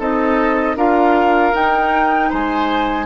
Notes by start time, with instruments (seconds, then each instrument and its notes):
0.00 bassoon C4, clarinet D#4, oboe A4, flute D#5
0.76 bassoon D4, clarinet F4, oboe A#4, flute F5
1.54 clarinet D#4, bassoon D#4, flute G5
2.30 bassoon G#3, oboe C5, flute G#5